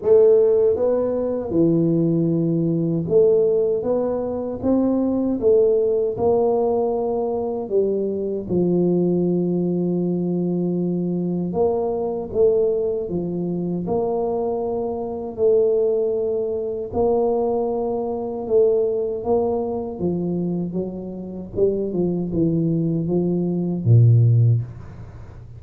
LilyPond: \new Staff \with { instrumentName = "tuba" } { \time 4/4 \tempo 4 = 78 a4 b4 e2 | a4 b4 c'4 a4 | ais2 g4 f4~ | f2. ais4 |
a4 f4 ais2 | a2 ais2 | a4 ais4 f4 fis4 | g8 f8 e4 f4 ais,4 | }